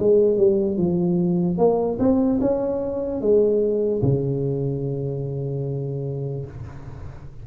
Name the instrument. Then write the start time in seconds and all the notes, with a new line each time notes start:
tuba
0.00 G#3
0.38 G3
0.78 F3
1.58 A#3
1.99 C4
2.41 C#4
3.21 G#3
4.02 C#3